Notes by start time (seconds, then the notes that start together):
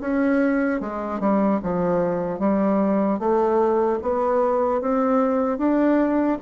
0.00 C#4
0.80 G#3
1.20 G3
1.62 F3
2.39 G3
3.19 A3
4.02 B3
4.81 C4
5.58 D4